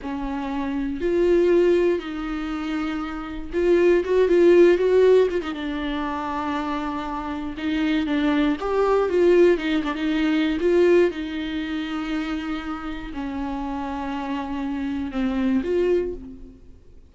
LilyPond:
\new Staff \with { instrumentName = "viola" } { \time 4/4 \tempo 4 = 119 cis'2 f'2 | dis'2. f'4 | fis'8 f'4 fis'4 f'16 dis'16 d'4~ | d'2. dis'4 |
d'4 g'4 f'4 dis'8 d'16 dis'16~ | dis'4 f'4 dis'2~ | dis'2 cis'2~ | cis'2 c'4 f'4 | }